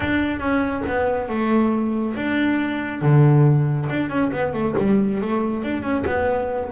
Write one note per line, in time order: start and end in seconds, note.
0.00 0.39 D4
0.39 0.82 C#4
0.87 1.29 B3
1.29 2.15 A3
2.15 3.01 D4
3.01 3.88 D3
3.89 4.09 D4
4.09 4.31 C#4
4.32 4.53 B3
4.53 4.75 A3
4.78 5.21 G3
5.21 5.63 A3
5.63 5.82 D4
5.82 6.04 C#4
6.05 6.70 B3